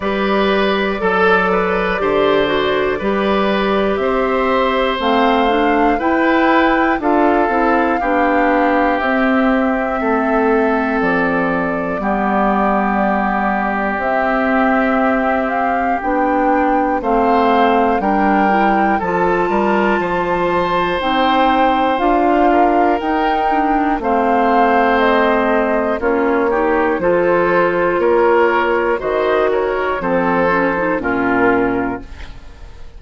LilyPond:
<<
  \new Staff \with { instrumentName = "flute" } { \time 4/4 \tempo 4 = 60 d''1 | e''4 f''4 g''4 f''4~ | f''4 e''2 d''4~ | d''2 e''4. f''8 |
g''4 f''4 g''4 a''4~ | a''4 g''4 f''4 g''4 | f''4 dis''4 cis''4 c''4 | cis''4 dis''8 cis''8 c''4 ais'4 | }
  \new Staff \with { instrumentName = "oboe" } { \time 4/4 b'4 a'8 b'8 c''4 b'4 | c''2 b'4 a'4 | g'2 a'2 | g'1~ |
g'4 c''4 ais'4 a'8 ais'8 | c''2~ c''8 ais'4. | c''2 f'8 g'8 a'4 | ais'4 c''8 ais'8 a'4 f'4 | }
  \new Staff \with { instrumentName = "clarinet" } { \time 4/4 g'4 a'4 g'8 fis'8 g'4~ | g'4 c'8 d'8 e'4 f'8 e'8 | d'4 c'2. | b2 c'2 |
d'4 c'4 d'8 e'8 f'4~ | f'4 dis'4 f'4 dis'8 d'8 | c'2 cis'8 dis'8 f'4~ | f'4 fis'4 c'8 cis'16 dis'16 cis'4 | }
  \new Staff \with { instrumentName = "bassoon" } { \time 4/4 g4 fis4 d4 g4 | c'4 a4 e'4 d'8 c'8 | b4 c'4 a4 f4 | g2 c'2 |
b4 a4 g4 f8 g8 | f4 c'4 d'4 dis'4 | a2 ais4 f4 | ais4 dis4 f4 ais,4 | }
>>